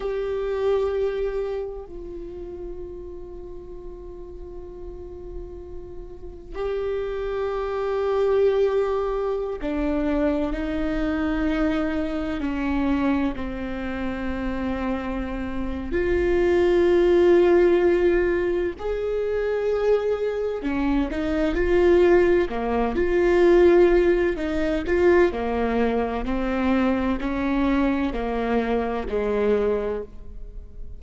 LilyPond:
\new Staff \with { instrumentName = "viola" } { \time 4/4 \tempo 4 = 64 g'2 f'2~ | f'2. g'4~ | g'2~ g'16 d'4 dis'8.~ | dis'4~ dis'16 cis'4 c'4.~ c'16~ |
c'4 f'2. | gis'2 cis'8 dis'8 f'4 | ais8 f'4. dis'8 f'8 ais4 | c'4 cis'4 ais4 gis4 | }